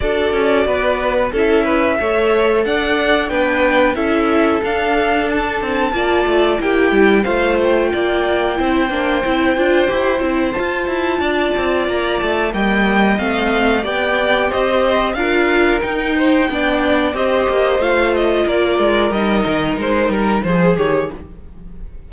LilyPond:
<<
  \new Staff \with { instrumentName = "violin" } { \time 4/4 \tempo 4 = 91 d''2 e''2 | fis''4 g''4 e''4 f''4 | a''2 g''4 f''8 g''8~ | g''1 |
a''2 ais''8 a''8 g''4 | f''4 g''4 dis''4 f''4 | g''2 dis''4 f''8 dis''8 | d''4 dis''4 c''8 ais'8 c''8 cis''8 | }
  \new Staff \with { instrumentName = "violin" } { \time 4/4 a'4 b'4 a'8 b'8 cis''4 | d''4 b'4 a'2~ | a'4 d''4 g'4 c''4 | d''4 c''2.~ |
c''4 d''2 dis''4~ | dis''4 d''4 c''4 ais'4~ | ais'8 c''8 d''4 c''2 | ais'2. gis'4 | }
  \new Staff \with { instrumentName = "viola" } { \time 4/4 fis'2 e'4 a'4~ | a'4 d'4 e'4 d'4~ | d'4 f'4 e'4 f'4~ | f'4 e'8 d'8 e'8 f'8 g'8 e'8 |
f'2. ais4 | c'4 g'2 f'4 | dis'4 d'4 g'4 f'4~ | f'4 dis'2 gis'8 g'8 | }
  \new Staff \with { instrumentName = "cello" } { \time 4/4 d'8 cis'8 b4 cis'4 a4 | d'4 b4 cis'4 d'4~ | d'8 c'8 ais8 a8 ais8 g8 a4 | ais4 c'8 ais8 c'8 d'8 e'8 c'8 |
f'8 e'8 d'8 c'8 ais8 a8 g4 | a4 b4 c'4 d'4 | dis'4 b4 c'8 ais8 a4 | ais8 gis8 g8 dis8 gis8 g8 f8 dis8 | }
>>